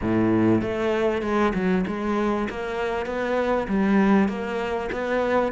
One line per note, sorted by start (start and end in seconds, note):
0.01 0.61 A2
0.61 1.22 A3
1.22 1.52 G#3
1.54 1.85 F#3
1.87 2.48 G#3
2.49 3.06 A#3
3.06 3.67 B3
3.67 4.28 G3
4.28 4.89 A#3
4.92 5.51 B3